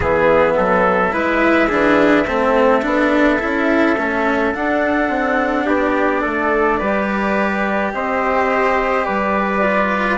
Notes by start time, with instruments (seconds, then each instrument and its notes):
0.00 bassoon E3, cello B3, trumpet G#4, flute E5
0.56 bassoon F#3, trumpet A4
1.11 bassoon G#3, cello E4, trumpet B4
1.68 bassoon E3, cello D4, trumpet G#4
2.27 bassoon A3, cello C4, trumpet A4
2.82 bassoon B3, cello D4
3.39 bassoon C#4, cello E4
3.97 bassoon A3, cello C#4
4.54 bassoon D4, cello D4, flute F#5
5.08 bassoon C4
5.66 bassoon B3, trumpet G4, flute D5
6.21 bassoon A3, trumpet A4
6.78 bassoon G3, cello G4, trumpet B4
7.93 bassoon C4, trumpet C5, flute D#5
9.04 bassoon G3, trumpet B4, flute D5
9.61 cello F4